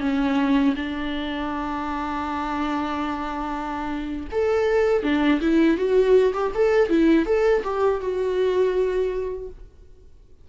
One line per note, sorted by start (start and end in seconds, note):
0.00 0.74 C#4
0.75 4.27 D4
4.31 5.03 A4
5.03 5.40 D4
5.41 5.77 E4
5.77 6.33 F#4
6.33 6.52 G4
6.55 6.89 A4
6.89 7.26 E4
7.26 7.63 A4
7.63 8.00 G4
8.00 9.48 F#4